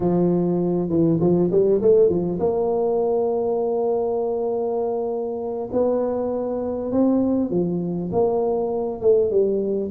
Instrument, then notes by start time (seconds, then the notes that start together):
tuba
0.00 F3
0.89 E3
1.20 F3
1.51 G3
1.81 A3
2.09 F3
2.39 A#3
5.72 B3
6.91 C4
7.50 F3
8.12 A#3
9.01 A3
9.30 G3